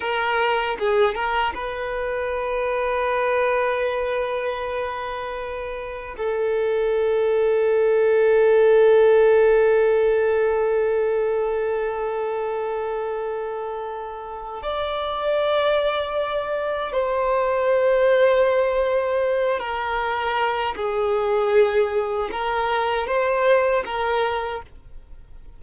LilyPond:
\new Staff \with { instrumentName = "violin" } { \time 4/4 \tempo 4 = 78 ais'4 gis'8 ais'8 b'2~ | b'1 | a'1~ | a'1~ |
a'2. d''4~ | d''2 c''2~ | c''4. ais'4. gis'4~ | gis'4 ais'4 c''4 ais'4 | }